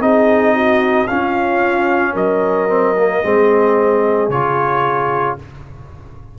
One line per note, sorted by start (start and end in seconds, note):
0.00 1.07 C4
0.00 1.08 D#4
0.00 0.54 G#4
0.00 1.07 D#5
0.54 1.08 F#4
1.07 2.68 C#4
1.07 2.15 C#4
1.07 2.13 F4
1.07 2.14 F5
2.13 3.22 F#3
2.13 3.20 A#4
2.13 4.30 D#5
2.68 2.95 C4
2.97 3.23 A#3
3.23 4.29 G#3
3.23 4.30 C4
3.23 5.37 G#4
4.29 5.36 C#3
4.29 5.38 F4
4.29 5.37 C#5